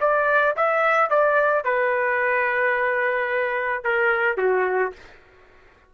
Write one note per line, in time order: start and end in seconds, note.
0.00 0.55 D5
0.56 1.10 E5
1.10 1.64 D5
1.64 3.84 B4
3.84 4.37 A#4
4.37 4.92 F#4